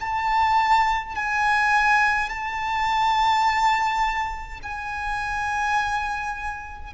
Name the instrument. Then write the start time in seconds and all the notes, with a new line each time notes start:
violin
0.00 A5
1.15 G#5
2.29 A5
4.63 G#5